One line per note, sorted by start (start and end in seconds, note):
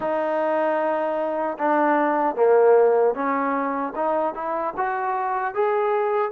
0.00 1.57 D#4
1.58 2.35 D4
2.35 3.14 A#3
3.14 3.93 C#4
3.95 4.34 D#4
4.34 4.74 E4
4.77 5.54 F#4
5.54 6.31 G#4